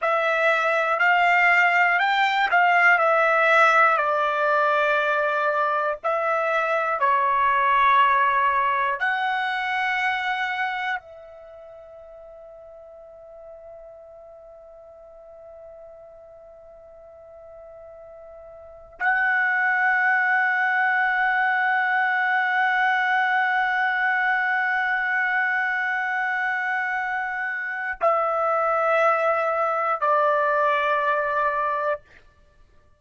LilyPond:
\new Staff \with { instrumentName = "trumpet" } { \time 4/4 \tempo 4 = 60 e''4 f''4 g''8 f''8 e''4 | d''2 e''4 cis''4~ | cis''4 fis''2 e''4~ | e''1~ |
e''2. fis''4~ | fis''1~ | fis''1 | e''2 d''2 | }